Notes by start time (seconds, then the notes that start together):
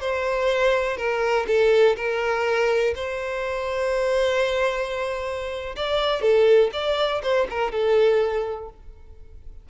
0.00 C5
0.97 A#4
1.47 A4
1.96 A#4
2.95 C5
5.76 D5
6.21 A4
6.73 D5
7.22 C5
7.50 A#4
7.71 A4